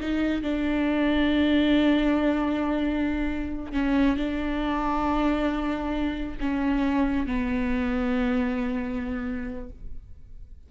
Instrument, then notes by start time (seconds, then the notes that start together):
viola
0.00 D#4
0.43 D4
3.73 C#4
4.17 D4
6.41 C#4
7.27 B3